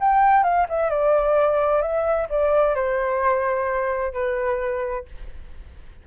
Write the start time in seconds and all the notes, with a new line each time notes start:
0.00 G5
0.43 F5
0.69 E5
0.90 D5
1.82 E5
2.29 D5
2.75 C5
4.13 B4